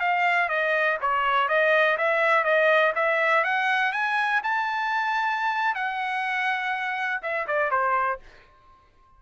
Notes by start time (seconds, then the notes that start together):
0.00 F5
0.49 D#5
1.01 C#5
1.48 D#5
1.98 E5
2.44 D#5
2.95 E5
3.44 F#5
3.92 G#5
4.43 A5
5.74 F#5
7.22 E5
7.47 D5
7.71 C5